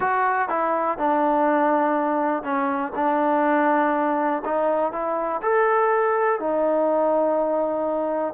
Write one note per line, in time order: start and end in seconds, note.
0.00 0.48 F#4
0.49 0.97 E4
0.97 2.43 D4
2.43 2.92 C#4
2.95 4.42 D4
4.44 4.92 D#4
4.92 5.41 E4
5.42 6.39 A4
6.39 8.33 D#4